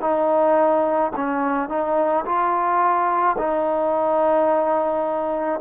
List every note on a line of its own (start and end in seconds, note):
0.00 1.11 D#4
1.16 1.69 C#4
1.69 2.24 D#4
2.25 3.36 F4
3.38 5.60 D#4